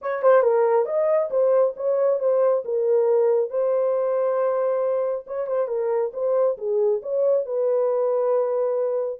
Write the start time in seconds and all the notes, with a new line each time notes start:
0.01 C#5
0.22 C5
0.42 A#4
0.85 D#5
1.30 C5
1.76 C#5
2.19 C5
2.64 A#4
3.50 C5
5.26 C#5
5.46 C5
5.67 A#4
6.13 C5
6.57 G#4
7.02 C#5
7.45 B4